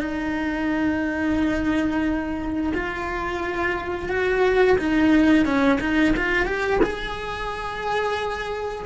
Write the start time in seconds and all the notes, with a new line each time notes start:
0.00 D#4
2.74 F4
4.09 F#4
4.79 D#4
5.45 C#4
5.80 D#4
6.16 F4
6.46 G4
6.83 G#4